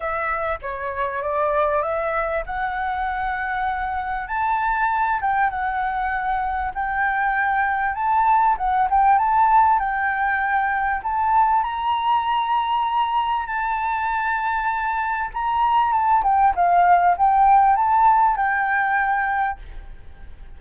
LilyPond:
\new Staff \with { instrumentName = "flute" } { \time 4/4 \tempo 4 = 98 e''4 cis''4 d''4 e''4 | fis''2. a''4~ | a''8 g''8 fis''2 g''4~ | g''4 a''4 fis''8 g''8 a''4 |
g''2 a''4 ais''4~ | ais''2 a''2~ | a''4 ais''4 a''8 g''8 f''4 | g''4 a''4 g''2 | }